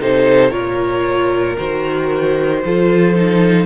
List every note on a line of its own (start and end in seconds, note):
0.00 0.51 C3
0.00 0.50 D#4
0.00 0.51 A4
0.00 0.51 C5
0.50 1.57 A#2
0.50 1.56 F4
0.50 2.61 A#4
0.50 1.56 C#5
1.57 2.64 D#3
1.57 2.62 F#4
1.57 3.66 C5
2.64 3.66 F3
2.64 3.15 F4
2.64 3.66 A4
3.15 3.66 D#4